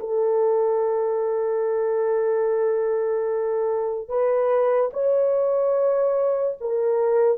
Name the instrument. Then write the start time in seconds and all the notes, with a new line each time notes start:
horn
0.00 A4
4.09 B4
4.94 C#5
6.61 A#4